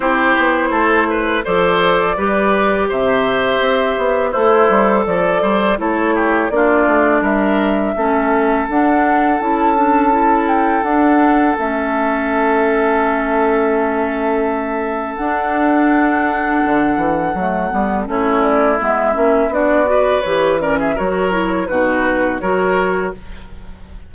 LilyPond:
<<
  \new Staff \with { instrumentName = "flute" } { \time 4/4 \tempo 4 = 83 c''2 d''2 | e''2 c''4 d''4 | cis''4 d''4 e''2 | fis''4 a''4. g''8 fis''4 |
e''1~ | e''4 fis''2.~ | fis''4 cis''8 d''8 e''4 d''4 | cis''8 d''16 e''16 cis''4 b'4 cis''4 | }
  \new Staff \with { instrumentName = "oboe" } { \time 4/4 g'4 a'8 b'8 c''4 b'4 | c''2 e'4 a'8 c''8 | a'8 g'8 f'4 ais'4 a'4~ | a'1~ |
a'1~ | a'1~ | a'4 e'2 fis'8 b'8~ | b'8 ais'16 gis'16 ais'4 fis'4 ais'4 | }
  \new Staff \with { instrumentName = "clarinet" } { \time 4/4 e'2 a'4 g'4~ | g'2 a'2 | e'4 d'2 cis'4 | d'4 e'8 d'8 e'4 d'4 |
cis'1~ | cis'4 d'2. | a8 b8 cis'4 b8 cis'8 d'8 fis'8 | g'8 cis'8 fis'8 e'8 dis'4 fis'4 | }
  \new Staff \with { instrumentName = "bassoon" } { \time 4/4 c'8 b8 a4 f4 g4 | c4 c'8 b8 a8 g8 f8 g8 | a4 ais8 a8 g4 a4 | d'4 cis'2 d'4 |
a1~ | a4 d'2 d8 e8 | fis8 g8 a4 gis8 ais8 b4 | e4 fis4 b,4 fis4 | }
>>